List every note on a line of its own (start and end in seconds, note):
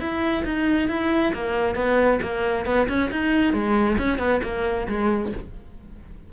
0.00 0.44 E4
0.45 0.89 D#4
0.89 1.33 E4
1.34 1.75 A#3
1.75 2.20 B3
2.22 2.66 A#3
2.66 2.88 B3
2.89 3.11 C#4
3.11 3.53 D#4
3.53 3.97 G#3
3.98 4.19 C#4
4.19 4.41 B3
4.43 4.87 A#3
4.88 5.32 G#3